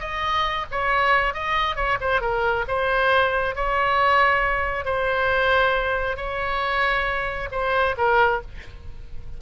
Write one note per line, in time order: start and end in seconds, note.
0.00 0.66 D#5
0.72 1.34 C#5
1.34 1.76 D#5
1.76 1.98 C#5
2.01 2.21 C5
2.21 2.66 A#4
2.68 3.56 C5
3.56 4.85 C#5
4.85 6.17 C5
6.17 7.49 C#5
7.52 7.96 C5
7.98 8.42 A#4